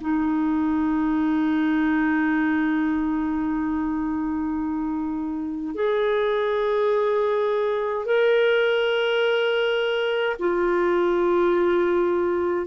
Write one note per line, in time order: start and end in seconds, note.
0.00 5.75 D#4
5.75 8.06 G#4
8.06 10.36 A#4
10.39 12.67 F4